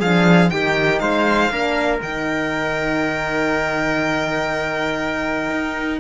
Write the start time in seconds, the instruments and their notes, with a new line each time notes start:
0.00 cello F3, horn D4, trumpet G#4, violin F5
0.50 cello D#3, horn D#4, trumpet G4, violin G5
0.99 cello G#3, trumpet C5, violin F5
1.50 cello A#3, horn D4, trumpet A#4
2.02 cello D#3, horn D#4, violin G5
5.51 cello D#4